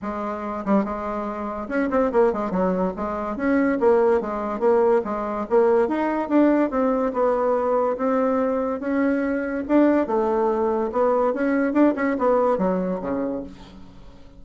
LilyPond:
\new Staff \with { instrumentName = "bassoon" } { \time 4/4 \tempo 4 = 143 gis4. g8 gis2 | cis'8 c'8 ais8 gis8 fis4 gis4 | cis'4 ais4 gis4 ais4 | gis4 ais4 dis'4 d'4 |
c'4 b2 c'4~ | c'4 cis'2 d'4 | a2 b4 cis'4 | d'8 cis'8 b4 fis4 cis4 | }